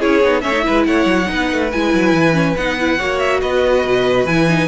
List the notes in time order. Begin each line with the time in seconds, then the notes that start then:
0.00 C#4 E4 G#4 C#5
0.23 B3 D#4
0.41 A3 C#4 C#5 E5
0.52 D#4
0.61 E4 B4
0.69 G#3
0.86 A3 C#5 F#5
1.05 F#3
1.26 B3 D#4 B4
1.52 A3
1.71 G#3 E4 G#5
1.94 F#3
2.13 E3
2.33 C#4
2.56 B3 D#4 F#5
2.79 E4
2.97 A#3 F#4 C#5
3.19 E5
3.41 B3 B4 D#5
3.84 B2
4.25 E3 E4 G#5
4.48 D#4